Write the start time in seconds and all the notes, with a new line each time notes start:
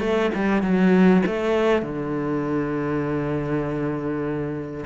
0.00 A3
0.35 G3
0.62 F#3
1.26 A3
1.82 D3